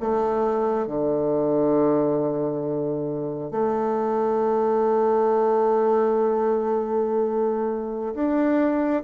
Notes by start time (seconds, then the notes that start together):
0.00 A3
0.87 D3
3.51 A3
8.15 D4